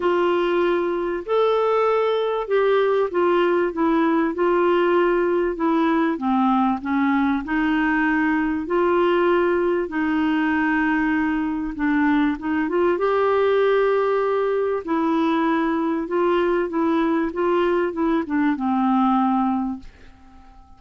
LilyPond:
\new Staff \with { instrumentName = "clarinet" } { \time 4/4 \tempo 4 = 97 f'2 a'2 | g'4 f'4 e'4 f'4~ | f'4 e'4 c'4 cis'4 | dis'2 f'2 |
dis'2. d'4 | dis'8 f'8 g'2. | e'2 f'4 e'4 | f'4 e'8 d'8 c'2 | }